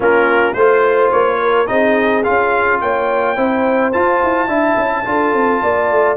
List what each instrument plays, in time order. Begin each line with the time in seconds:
0.00 tuba A#3, trombone C#4, horn F4, trumpet A#4
0.53 tuba A3, trombone F4, trumpet C5, horn C5
1.11 tuba A#3, trumpet C#5
1.42 horn A#4
1.66 tuba C4, trombone D#4, horn G#4, trumpet D#5
2.23 tuba C#4, trombone F4, trumpet F5
2.80 tuba A#3, horn C#5, trumpet G5
3.36 tuba C4, trombone E4, horn C5
3.92 trombone F4, tuba F4, trumpet A5
4.23 tuba E4
4.47 tuba D4, trombone E4, horn E5
4.77 tuba C#4
5.04 tuba D4, trombone F4, horn A4
5.32 tuba C4
5.62 tuba A#3, horn D5
5.90 tuba A3